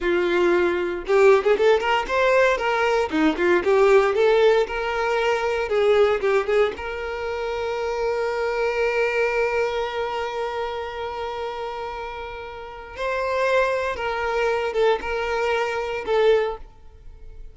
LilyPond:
\new Staff \with { instrumentName = "violin" } { \time 4/4 \tempo 4 = 116 f'2 g'8. gis'16 a'8 ais'8 | c''4 ais'4 dis'8 f'8 g'4 | a'4 ais'2 gis'4 | g'8 gis'8 ais'2.~ |
ais'1~ | ais'1~ | ais'4 c''2 ais'4~ | ais'8 a'8 ais'2 a'4 | }